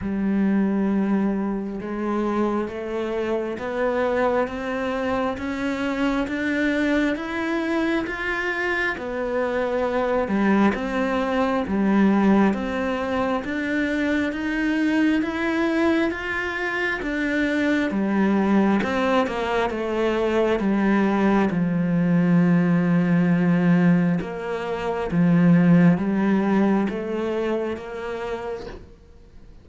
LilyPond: \new Staff \with { instrumentName = "cello" } { \time 4/4 \tempo 4 = 67 g2 gis4 a4 | b4 c'4 cis'4 d'4 | e'4 f'4 b4. g8 | c'4 g4 c'4 d'4 |
dis'4 e'4 f'4 d'4 | g4 c'8 ais8 a4 g4 | f2. ais4 | f4 g4 a4 ais4 | }